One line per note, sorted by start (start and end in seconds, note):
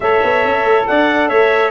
0.00 0.20 A3
0.00 1.70 A4
0.00 0.88 C#5
0.00 0.85 E5
0.23 0.44 B3
0.44 0.63 C#4
0.63 0.85 A3
0.87 1.29 D4
0.87 1.29 D5
0.87 1.28 F#5
1.28 1.70 A3
1.28 1.70 C#5
1.28 1.70 E5